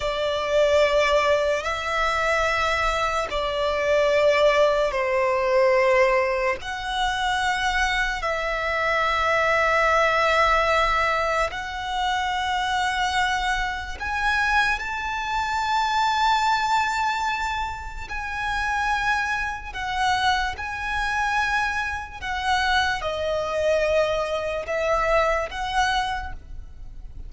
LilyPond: \new Staff \with { instrumentName = "violin" } { \time 4/4 \tempo 4 = 73 d''2 e''2 | d''2 c''2 | fis''2 e''2~ | e''2 fis''2~ |
fis''4 gis''4 a''2~ | a''2 gis''2 | fis''4 gis''2 fis''4 | dis''2 e''4 fis''4 | }